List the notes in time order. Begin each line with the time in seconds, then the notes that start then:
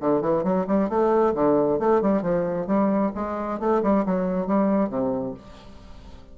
0.00 D3
0.21 E3
0.43 F#3
0.67 G3
0.89 A3
1.34 D3
1.79 A3
2.01 G3
2.22 F3
2.67 G3
3.15 G#3
3.59 A3
3.83 G3
4.05 F#3
4.47 G3
4.89 C3